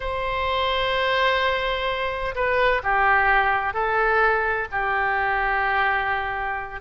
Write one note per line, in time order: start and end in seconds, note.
0.00 2.34 C5
2.35 2.81 B4
2.83 3.73 G4
3.73 4.67 A4
4.71 6.80 G4